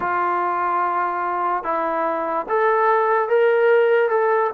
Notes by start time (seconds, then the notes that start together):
0.00 F4
1.63 E4
2.48 A4
3.29 A#4
4.09 A4